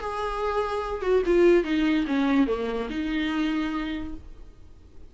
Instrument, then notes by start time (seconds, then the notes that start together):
viola
0.00 G#4
1.02 F#4
1.26 F4
1.64 D#4
2.07 C#4
2.47 A#3
2.90 D#4